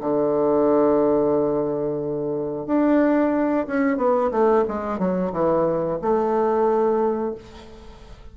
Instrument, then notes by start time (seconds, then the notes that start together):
bassoon
0.00 D3
2.66 D4
3.66 C#4
3.97 B3
4.31 A3
4.68 G#3
4.98 F#3
5.32 E3
6.01 A3